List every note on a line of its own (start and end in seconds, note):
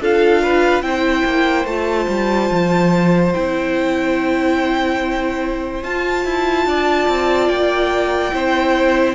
0.00 0.82 D4
0.00 0.83 F4
0.00 0.43 A4
0.00 0.83 F5
0.43 0.85 B4
0.82 1.24 C4
0.82 1.67 E4
0.82 6.68 C5
0.82 1.66 G5
1.25 1.65 A#3
1.65 2.07 A3
1.65 3.34 F4
1.65 3.34 A5
2.09 2.51 G3
2.51 3.35 F3
3.34 5.84 C4
3.34 5.84 E4
3.34 5.84 G5
5.84 8.32 F4
5.84 6.25 F4
5.84 7.49 A5
6.25 6.66 E4
6.66 7.08 D4
6.66 8.34 D5
7.09 7.50 C4
7.49 8.33 A#3
7.49 9.15 G5
8.32 9.15 C4
8.32 9.15 E4
8.32 9.15 C5